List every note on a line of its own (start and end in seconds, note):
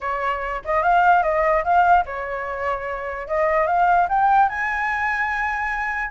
0.00 0.62 C#5
0.64 0.82 D#5
0.82 1.22 F5
1.22 1.63 D#5
1.63 2.04 F5
2.05 3.27 C#5
3.27 3.66 D#5
3.66 4.07 F5
4.09 4.49 G5
4.49 6.11 G#5